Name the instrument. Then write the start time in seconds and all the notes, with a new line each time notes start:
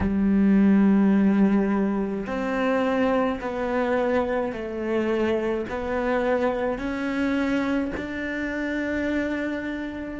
cello
0.00 G3
2.26 C4
3.41 B3
4.52 A3
5.69 B3
6.78 C#4
7.96 D4